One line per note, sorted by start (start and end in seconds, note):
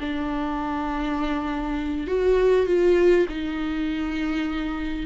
0.00 2.07 D4
2.07 2.66 F#4
2.66 3.26 F4
3.29 5.06 D#4